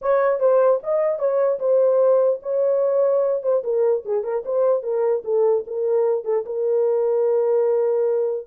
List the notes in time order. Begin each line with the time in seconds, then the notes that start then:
0.01 C#5
0.39 C5
0.83 D#5
1.18 C#5
1.59 C5
2.42 C#5
3.42 C5
3.63 A#4
4.05 G#4
4.23 A#4
4.45 C5
4.82 A#4
5.24 A4
5.67 A#4
6.24 A4
6.45 A#4